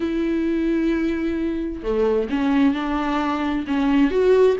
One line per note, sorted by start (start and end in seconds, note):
0.00 1.83 E4
1.83 2.28 A3
2.29 2.74 C#4
2.74 3.65 D4
3.67 4.10 C#4
4.10 4.56 F#4